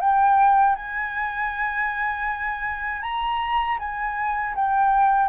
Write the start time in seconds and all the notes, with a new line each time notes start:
0.00 G5
0.76 G#5
3.02 A#5
3.79 G#5
4.55 G5